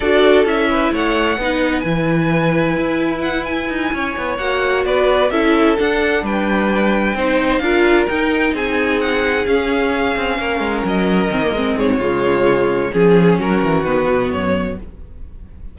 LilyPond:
<<
  \new Staff \with { instrumentName = "violin" } { \time 4/4 \tempo 4 = 130 d''4 e''4 fis''2 | gis''2. fis''8 gis''8~ | gis''4. fis''4 d''4 e''8~ | e''8 fis''4 g''2~ g''8~ |
g''8 f''4 g''4 gis''4 fis''8~ | fis''8 f''2. dis''8~ | dis''4. cis''2~ cis''8 | gis'4 ais'4 b'4 cis''4 | }
  \new Staff \with { instrumentName = "violin" } { \time 4/4 a'4. b'8 cis''4 b'4~ | b'1~ | b'8 cis''2 b'4 a'8~ | a'4. b'2 c''8~ |
c''8 ais'2 gis'4.~ | gis'2~ gis'8 ais'4.~ | ais'4. gis'16 fis'16 f'2 | gis'4 fis'2. | }
  \new Staff \with { instrumentName = "viola" } { \time 4/4 fis'4 e'2 dis'4 | e'1~ | e'4. fis'2 e'8~ | e'8 d'2. dis'8~ |
dis'8 f'4 dis'2~ dis'8~ | dis'8 cis'2.~ cis'8~ | cis'8 c'16 ais16 c'4 gis2 | cis'2 b2 | }
  \new Staff \with { instrumentName = "cello" } { \time 4/4 d'4 cis'4 a4 b4 | e2 e'2 | dis'8 cis'8 b8 ais4 b4 cis'8~ | cis'8 d'4 g2 c'8~ |
c'8 d'4 dis'4 c'4.~ | c'8 cis'4. c'8 ais8 gis8 fis8~ | fis8 dis8 gis8 gis,8 cis2 | f4 fis8 e8 dis8 b,8 fis,4 | }
>>